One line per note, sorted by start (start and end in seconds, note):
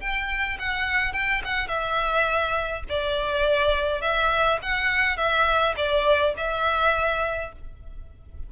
0.00 0.58 G5
0.59 1.13 F#5
1.13 1.42 G5
1.45 1.68 F#5
1.68 2.83 E5
2.89 4.01 D5
4.01 4.59 E5
4.62 5.17 F#5
5.17 5.75 E5
5.76 6.34 D5
6.37 7.52 E5